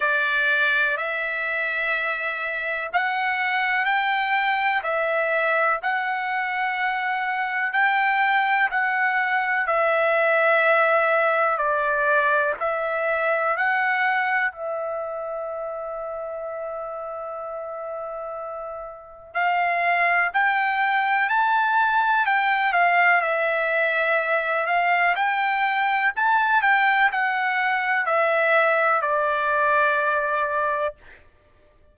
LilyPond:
\new Staff \with { instrumentName = "trumpet" } { \time 4/4 \tempo 4 = 62 d''4 e''2 fis''4 | g''4 e''4 fis''2 | g''4 fis''4 e''2 | d''4 e''4 fis''4 e''4~ |
e''1 | f''4 g''4 a''4 g''8 f''8 | e''4. f''8 g''4 a''8 g''8 | fis''4 e''4 d''2 | }